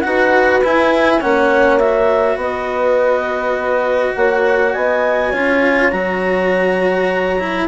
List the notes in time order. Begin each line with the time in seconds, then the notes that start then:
0.00 D#4 F#4 B4 F#5
0.62 E4 G#5
1.19 A#3 C#4 C#5 F#5
1.79 F#4 E5
2.36 B3 B4 D#5
4.15 A#3 C#5 F#5
4.73 B3 D#5 G#5
5.30 C#4 F4 C#5
5.90 F#3 F#4 A#5
7.39 E4